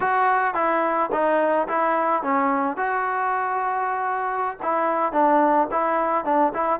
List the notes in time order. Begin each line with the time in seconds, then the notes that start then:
0.00 F#4
0.54 E4
1.12 D#4
1.68 E4
2.22 C#4
2.77 F#4
4.62 E4
5.12 D4
5.71 E4
6.24 D4
6.54 E4